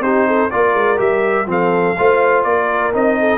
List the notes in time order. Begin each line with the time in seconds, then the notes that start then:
0.00 C4 D#4 G4 C5
0.27 A4
0.50 A#3 F4 A#4 D5
0.74 G#3
0.97 G3 G4 E5
1.46 F3 C4 A4 F5
1.97 A3 F4 C5
2.44 A#3 A#4 D5
2.93 C4 D#4 D#5
3.20 A4